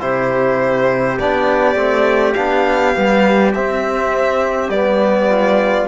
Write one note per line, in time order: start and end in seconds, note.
0.00 1.19 C3
0.00 1.18 E4
0.00 5.31 G4
0.00 1.19 C5
1.20 1.75 B3
1.20 1.77 D4
1.20 2.34 D5
1.75 2.34 A3
1.75 2.36 C4
2.34 2.96 B3
2.34 2.95 D4
2.34 3.52 F5
2.95 3.55 G3
2.95 3.53 B3
3.55 4.73 C4
3.55 4.69 C4
3.55 4.70 E5
4.69 5.86 G3
4.69 5.88 B3
4.69 5.88 D5
5.31 5.88 F4